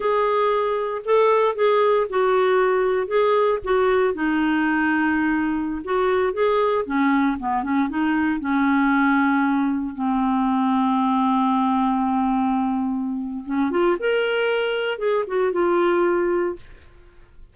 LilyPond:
\new Staff \with { instrumentName = "clarinet" } { \time 4/4 \tempo 4 = 116 gis'2 a'4 gis'4 | fis'2 gis'4 fis'4 | dis'2.~ dis'16 fis'8.~ | fis'16 gis'4 cis'4 b8 cis'8 dis'8.~ |
dis'16 cis'2. c'8.~ | c'1~ | c'2 cis'8 f'8 ais'4~ | ais'4 gis'8 fis'8 f'2 | }